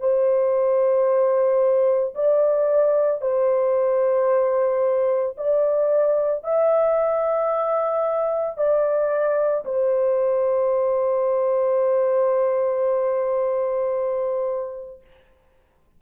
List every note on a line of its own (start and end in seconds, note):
0.00 2.14 C5
2.15 3.21 D5
3.21 5.36 C5
5.37 6.44 D5
6.44 8.58 E5
8.58 9.65 D5
9.65 15.01 C5